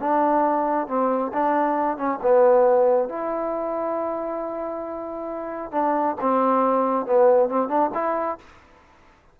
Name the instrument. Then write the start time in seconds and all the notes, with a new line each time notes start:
trombone
0.00 D4
0.88 C4
1.34 D4
1.98 C#4
2.23 B3
3.09 E4
5.72 D4
6.21 C4
7.06 B3
7.49 C4
7.69 D4
7.94 E4